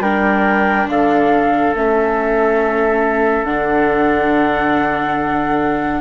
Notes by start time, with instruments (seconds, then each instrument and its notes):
0.00 bassoon G3, viola D4, trumpet A#4, flute G5
0.90 bassoon D3, trumpet A4, flute F5
1.75 bassoon A3, viola C#4, flute E5
3.44 bassoon D3, viola D4, flute F#5